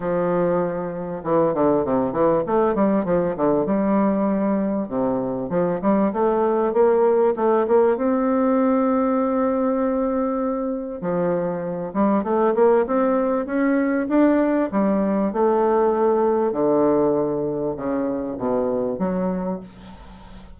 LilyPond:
\new Staff \with { instrumentName = "bassoon" } { \time 4/4 \tempo 4 = 98 f2 e8 d8 c8 e8 | a8 g8 f8 d8 g2 | c4 f8 g8 a4 ais4 | a8 ais8 c'2.~ |
c'2 f4. g8 | a8 ais8 c'4 cis'4 d'4 | g4 a2 d4~ | d4 cis4 b,4 fis4 | }